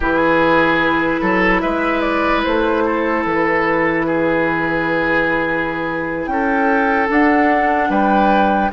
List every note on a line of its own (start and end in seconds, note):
0.00 1.19 E3
0.00 7.08 E4
0.00 1.20 G#4
0.00 1.60 B4
1.20 1.62 F#3
1.20 1.61 A4
1.60 2.44 G#3
1.60 2.83 B4
1.60 2.00 E5
2.00 2.41 D5
2.43 3.25 A3
2.43 3.24 C5
2.85 4.06 A4
3.25 6.27 E3
3.25 6.26 B4
4.06 6.29 G#4
6.26 7.08 C#4
6.26 7.90 A4
6.26 7.07 G5
7.08 8.70 D4
7.08 7.89 D4
7.08 7.91 F#5
7.89 8.70 G3
7.89 8.71 B4
7.89 8.72 G5